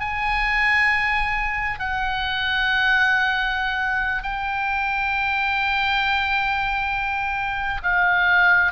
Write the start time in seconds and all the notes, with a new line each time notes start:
0.00 G#5
1.79 F#5
4.23 G5
7.83 F5